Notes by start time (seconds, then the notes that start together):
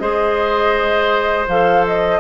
0.00 G#3 G#4 C5 D#5
1.48 F3 A4 F5
1.87 D#5